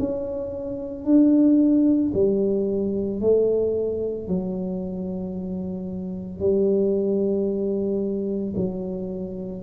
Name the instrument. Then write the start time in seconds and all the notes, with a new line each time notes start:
tuba
0.00 C#4
1.06 D4
2.14 G3
3.21 A3
4.28 F#3
6.40 G3
8.57 F#3